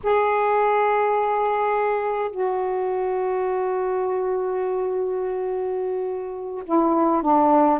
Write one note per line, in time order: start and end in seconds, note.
0.03 2.31 G#4
2.31 6.63 F#4
6.65 7.22 E4
7.22 7.79 D4